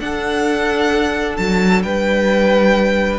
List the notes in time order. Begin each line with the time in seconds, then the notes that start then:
0.00 D4 A4 F#5
1.37 F#3 A5
1.83 G3 B4 G5